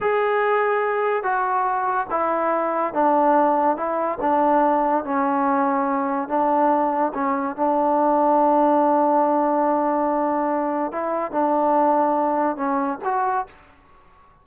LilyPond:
\new Staff \with { instrumentName = "trombone" } { \time 4/4 \tempo 4 = 143 gis'2. fis'4~ | fis'4 e'2 d'4~ | d'4 e'4 d'2 | cis'2. d'4~ |
d'4 cis'4 d'2~ | d'1~ | d'2 e'4 d'4~ | d'2 cis'4 fis'4 | }